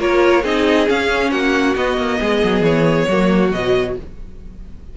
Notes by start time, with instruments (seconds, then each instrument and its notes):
0.00 cello A#3, viola F4, violin A#4 C#5
0.43 cello C4, viola D#4, violin G#4 D#5
0.87 viola C#4, cello C#4, violin F5
1.32 cello A#3, violin F#4 F#5
1.76 cello B3, viola B3, violin D#5
1.98 cello A#3
2.20 cello G#3, violin G#4
2.44 cello F#3
2.62 cello E3, violin C#5
3.09 cello F#3, viola A#3, violin F#4
3.52 cello B2, viola F#3, violin D#5